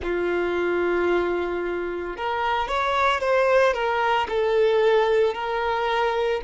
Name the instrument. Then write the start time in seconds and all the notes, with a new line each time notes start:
violin
0.02 F4
2.17 A#4
2.67 C#5
3.20 C5
3.73 A#4
4.29 A4
5.33 A#4